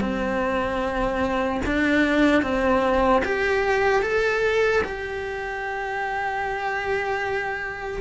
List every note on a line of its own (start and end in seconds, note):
0.00 1.60 C4
1.65 2.42 D4
2.42 3.22 C4
3.24 4.02 G4
4.02 4.82 A4
4.84 8.01 G4